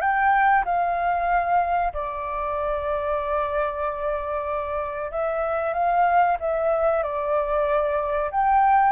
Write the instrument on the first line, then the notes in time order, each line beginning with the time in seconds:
flute
0.00 G5
0.65 F5
1.93 D5
5.11 E5
5.73 F5
6.39 E5
7.03 D5
8.31 G5